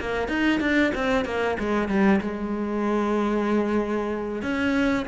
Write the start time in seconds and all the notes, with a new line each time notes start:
0.00 A#3
0.28 D#4
0.60 D4
0.94 C4
1.25 A#3
1.59 G#3
1.88 G3
2.21 G#3
4.42 C#4